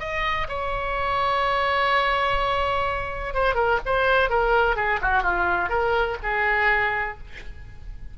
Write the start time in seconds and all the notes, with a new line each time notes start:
0.00 D#5
0.49 C#5
3.34 C5
3.55 A#4
3.86 C5
4.30 A#4
4.76 G#4
5.02 F#4
5.23 F4
5.70 A#4
6.23 G#4